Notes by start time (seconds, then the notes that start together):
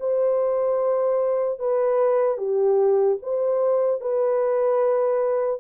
0.00 C5
1.59 B4
2.38 G4
3.23 C5
4.01 B4